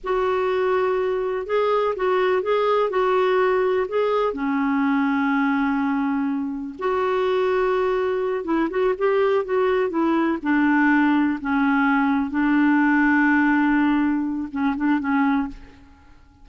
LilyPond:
\new Staff \with { instrumentName = "clarinet" } { \time 4/4 \tempo 4 = 124 fis'2. gis'4 | fis'4 gis'4 fis'2 | gis'4 cis'2.~ | cis'2 fis'2~ |
fis'4. e'8 fis'8 g'4 fis'8~ | fis'8 e'4 d'2 cis'8~ | cis'4. d'2~ d'8~ | d'2 cis'8 d'8 cis'4 | }